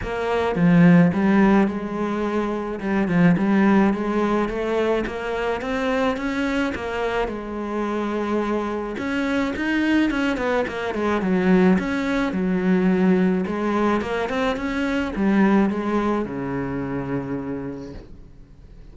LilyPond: \new Staff \with { instrumentName = "cello" } { \time 4/4 \tempo 4 = 107 ais4 f4 g4 gis4~ | gis4 g8 f8 g4 gis4 | a4 ais4 c'4 cis'4 | ais4 gis2. |
cis'4 dis'4 cis'8 b8 ais8 gis8 | fis4 cis'4 fis2 | gis4 ais8 c'8 cis'4 g4 | gis4 cis2. | }